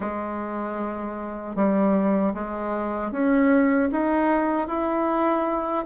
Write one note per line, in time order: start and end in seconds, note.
0.00 1.55 G#3
1.55 2.33 G3
2.34 3.11 G#3
3.11 3.89 C#4
3.91 4.68 D#4
4.68 5.84 E4